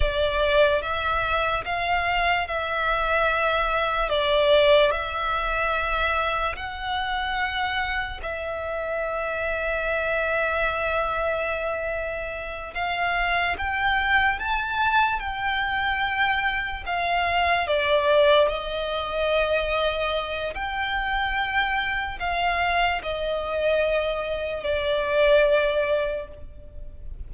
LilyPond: \new Staff \with { instrumentName = "violin" } { \time 4/4 \tempo 4 = 73 d''4 e''4 f''4 e''4~ | e''4 d''4 e''2 | fis''2 e''2~ | e''2.~ e''8 f''8~ |
f''8 g''4 a''4 g''4.~ | g''8 f''4 d''4 dis''4.~ | dis''4 g''2 f''4 | dis''2 d''2 | }